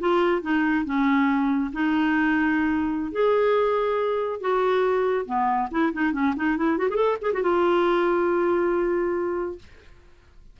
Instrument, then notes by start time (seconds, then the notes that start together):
clarinet
0.00 F4
0.42 D#4
0.85 C#4
1.73 D#4
3.12 G#4
4.41 F#4
5.26 B3
5.71 E4
5.93 D#4
6.13 C#4
6.36 D#4
6.57 E4
6.78 F#4
6.90 G#4 A4
7.22 G#4
7.33 F#4
7.43 F4